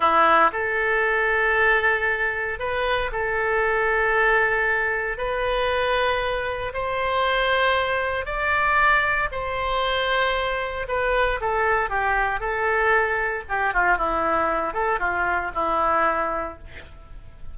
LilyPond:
\new Staff \with { instrumentName = "oboe" } { \time 4/4 \tempo 4 = 116 e'4 a'2.~ | a'4 b'4 a'2~ | a'2 b'2~ | b'4 c''2. |
d''2 c''2~ | c''4 b'4 a'4 g'4 | a'2 g'8 f'8 e'4~ | e'8 a'8 f'4 e'2 | }